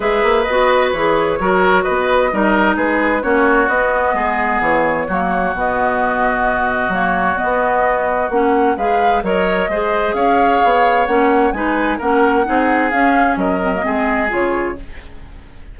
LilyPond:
<<
  \new Staff \with { instrumentName = "flute" } { \time 4/4 \tempo 4 = 130 e''4 dis''4 cis''2 | dis''2 b'4 cis''4 | dis''2 cis''2 | dis''2. cis''4 |
dis''2 fis''4 f''4 | dis''2 f''2 | fis''4 gis''4 fis''2 | f''4 dis''2 cis''4 | }
  \new Staff \with { instrumentName = "oboe" } { \time 4/4 b'2. ais'4 | b'4 ais'4 gis'4 fis'4~ | fis'4 gis'2 fis'4~ | fis'1~ |
fis'2. b'4 | cis''4 c''4 cis''2~ | cis''4 b'4 ais'4 gis'4~ | gis'4 ais'4 gis'2 | }
  \new Staff \with { instrumentName = "clarinet" } { \time 4/4 gis'4 fis'4 gis'4 fis'4~ | fis'4 dis'2 cis'4 | b2. ais4 | b2. ais4 |
b2 cis'4 gis'4 | ais'4 gis'2. | cis'4 dis'4 cis'4 dis'4 | cis'4. c'16 ais16 c'4 f'4 | }
  \new Staff \with { instrumentName = "bassoon" } { \time 4/4 gis8 ais8 b4 e4 fis4 | b4 g4 gis4 ais4 | b4 gis4 e4 fis4 | b,2. fis4 |
b2 ais4 gis4 | fis4 gis4 cis'4 b4 | ais4 gis4 ais4 c'4 | cis'4 fis4 gis4 cis4 | }
>>